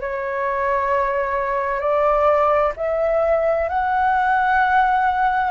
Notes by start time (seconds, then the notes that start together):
0.00 C#5
1.80 D5
2.76 E5
3.69 F#5